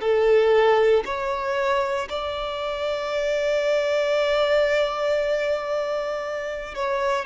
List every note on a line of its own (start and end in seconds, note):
0.00 1.03 A4
1.05 2.08 C#5
2.09 6.74 D5
6.75 7.25 C#5